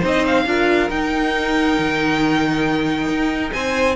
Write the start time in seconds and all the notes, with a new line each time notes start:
0.00 C4 D#4 C5 D#5
0.26 F5
0.46 D4 F4 A#4
0.90 D#4 G5
1.78 D#3
3.08 D#4
3.52 C4 C5 G#5